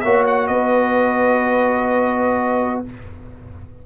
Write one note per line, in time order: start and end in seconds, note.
0.00 0.49 A#3
0.00 2.86 F#4
0.00 0.49 C#5
0.00 0.23 E5
0.27 0.47 F#5
0.47 2.83 B3
0.47 2.86 B4
0.47 2.82 D#5